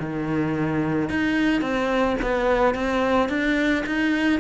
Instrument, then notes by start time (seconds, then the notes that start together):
cello
0.00 D#3
1.10 D#4
1.62 C4
2.22 B3
2.75 C4
3.29 D4
3.86 D#4